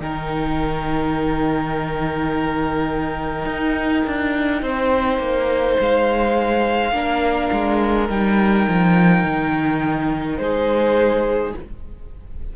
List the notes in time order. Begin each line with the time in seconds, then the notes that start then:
0.00 D#3 D#4 A#4 G5
3.46 D#4
4.07 D4
4.62 C4 C5
5.19 A#3
5.80 G#3 F5
6.92 A#3 D4 A#4
7.52 G#3
8.09 G3 D#4 G5
8.68 F3
9.24 D#3
10.37 G#3 G#4 C5